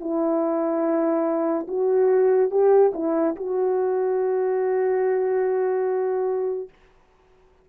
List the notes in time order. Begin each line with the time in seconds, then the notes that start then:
0.00 E4
1.68 F#4
2.51 G4
2.94 E4
3.36 F#4